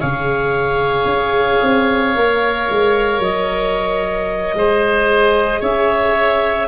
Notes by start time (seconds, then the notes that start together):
0.00 C#3 G#4 C#5 F5
1.05 C#4
1.63 C4
2.16 A#3 A#4
2.70 G#3
3.19 F#3 D#5
4.54 G#3 G#4 C5
5.60 C#4 C#5 E5